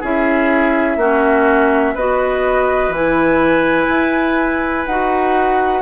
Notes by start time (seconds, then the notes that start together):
0.00 C#4 E4 G#4 E5
0.97 A#3 C#4 F#4
1.94 B3 F#4 B4 D#5
2.89 E3 E4 G#5
3.89 E4
4.86 D#4 F#4 F#5